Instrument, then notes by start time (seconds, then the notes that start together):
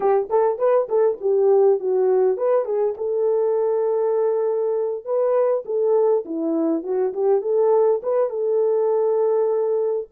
horn
0.00 G4
0.29 A4
0.58 B4
0.88 A4
1.20 G4
1.79 F#4
2.37 B4
2.65 G#4
2.97 A4
5.04 B4
5.65 A4
6.25 E4
6.83 F#4
7.13 G4
7.41 A4
8.02 B4
8.29 A4